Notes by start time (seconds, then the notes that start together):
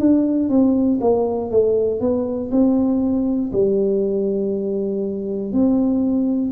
0.00 D4
0.50 C4
1.00 A#3
1.51 A3
2.00 B3
2.51 C4
3.52 G3
5.53 C4